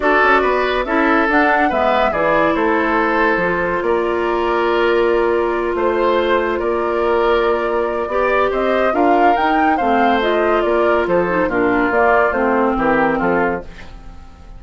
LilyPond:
<<
  \new Staff \with { instrumentName = "flute" } { \time 4/4 \tempo 4 = 141 d''2 e''4 fis''4 | e''4 d''4 c''2~ | c''4 d''2.~ | d''4. c''2 d''8~ |
d''1 | dis''4 f''4 g''4 f''4 | dis''4 d''4 c''4 ais'4 | d''4 c''4 ais'4 a'4 | }
  \new Staff \with { instrumentName = "oboe" } { \time 4/4 a'4 b'4 a'2 | b'4 gis'4 a'2~ | a'4 ais'2.~ | ais'4. c''2 ais'8~ |
ais'2. d''4 | c''4 ais'2 c''4~ | c''4 ais'4 a'4 f'4~ | f'2 g'4 f'4 | }
  \new Staff \with { instrumentName = "clarinet" } { \time 4/4 fis'2 e'4 d'4 | b4 e'2. | f'1~ | f'1~ |
f'2. g'4~ | g'4 f'4 dis'4 c'4 | f'2~ f'8 dis'8 d'4 | ais4 c'2. | }
  \new Staff \with { instrumentName = "bassoon" } { \time 4/4 d'8 cis'8 b4 cis'4 d'4 | gis4 e4 a2 | f4 ais2.~ | ais4. a2 ais8~ |
ais2. b4 | c'4 d'4 dis'4 a4~ | a4 ais4 f4 ais,4 | ais4 a4 e4 f4 | }
>>